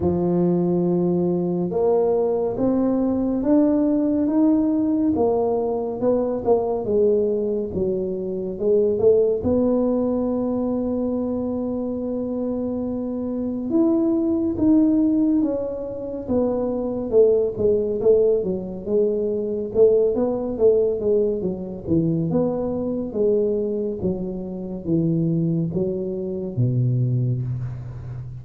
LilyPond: \new Staff \with { instrumentName = "tuba" } { \time 4/4 \tempo 4 = 70 f2 ais4 c'4 | d'4 dis'4 ais4 b8 ais8 | gis4 fis4 gis8 a8 b4~ | b1 |
e'4 dis'4 cis'4 b4 | a8 gis8 a8 fis8 gis4 a8 b8 | a8 gis8 fis8 e8 b4 gis4 | fis4 e4 fis4 b,4 | }